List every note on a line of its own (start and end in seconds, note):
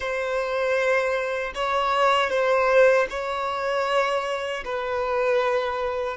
0.00 1.52 C5
1.55 2.30 C#5
2.30 3.07 C5
3.09 4.63 C#5
4.64 6.16 B4